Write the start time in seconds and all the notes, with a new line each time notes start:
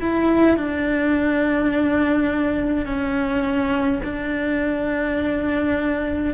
0.00 E4
0.57 D4
2.85 C#4
4.03 D4